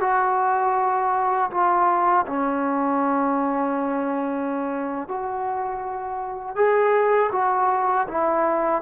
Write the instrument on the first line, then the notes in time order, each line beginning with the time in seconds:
trombone
0.00 F#4
1.50 F4
2.26 C#4
5.07 F#4
6.55 G#4
7.32 F#4
8.08 E4